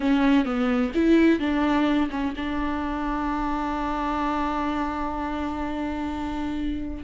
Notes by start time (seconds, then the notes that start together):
0.00 C#4
0.45 B3
0.94 E4
1.39 D4
2.10 C#4
2.36 D4